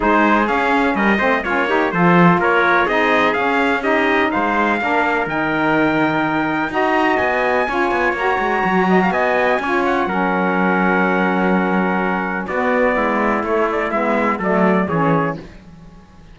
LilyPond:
<<
  \new Staff \with { instrumentName = "trumpet" } { \time 4/4 \tempo 4 = 125 c''4 f''4 dis''4 cis''4 | c''4 cis''4 dis''4 f''4 | dis''4 f''2 g''4~ | g''2 ais''4 gis''4~ |
gis''4 ais''2 gis''4~ | gis''8 fis''2.~ fis''8~ | fis''2 d''2 | cis''8 d''8 e''4 d''4 cis''4 | }
  \new Staff \with { instrumentName = "trumpet" } { \time 4/4 gis'2 ais'8 c''8 f'8 g'8 | a'4 ais'4 gis'2 | g'4 c''4 ais'2~ | ais'2 dis''2 |
cis''2~ cis''8 dis''16 f''16 dis''4 | cis''4 ais'2.~ | ais'2 fis'4 e'4~ | e'2 a'4 gis'4 | }
  \new Staff \with { instrumentName = "saxophone" } { \time 4/4 dis'4 cis'4. c'8 cis'8 dis'8 | f'2 dis'4 cis'4 | dis'2 d'4 dis'4~ | dis'2 fis'2 |
f'4 fis'2. | f'4 cis'2.~ | cis'2 b2 | a4 b4 a4 cis'4 | }
  \new Staff \with { instrumentName = "cello" } { \time 4/4 gis4 cis'4 g8 a8 ais4 | f4 ais4 c'4 cis'4~ | cis'4 gis4 ais4 dis4~ | dis2 dis'4 b4 |
cis'8 b8 ais8 gis8 fis4 b4 | cis'4 fis2.~ | fis2 b4 gis4 | a4 gis4 fis4 e4 | }
>>